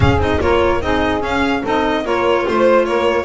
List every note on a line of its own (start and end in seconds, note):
0.00 0.17 C#4
0.00 0.18 C#4
0.00 0.41 G#4
0.00 0.20 F5
0.17 0.38 C4
0.17 0.40 D#4
0.17 0.40 D#5
0.40 0.80 A#3
0.40 0.81 F4
0.40 0.83 A#4
0.40 0.81 C#5
0.80 1.21 C4
0.80 1.19 D#4
0.80 1.62 G#4
0.80 1.22 D#5
1.19 1.60 C#4
1.19 1.62 C#4
1.19 1.64 F5
1.62 2.04 C4
1.62 2.04 D#4
1.62 2.03 A4
1.62 2.06 D#5
2.04 2.45 A#3
2.04 3.25 F4
2.04 2.45 A#4
2.04 2.46 C#5
2.45 2.87 A3
2.45 2.85 C5
2.85 3.25 A#3
2.85 3.25 A#4
2.85 3.25 C#5